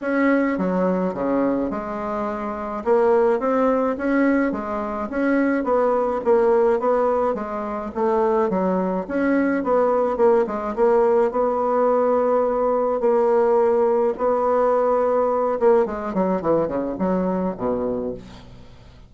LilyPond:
\new Staff \with { instrumentName = "bassoon" } { \time 4/4 \tempo 4 = 106 cis'4 fis4 cis4 gis4~ | gis4 ais4 c'4 cis'4 | gis4 cis'4 b4 ais4 | b4 gis4 a4 fis4 |
cis'4 b4 ais8 gis8 ais4 | b2. ais4~ | ais4 b2~ b8 ais8 | gis8 fis8 e8 cis8 fis4 b,4 | }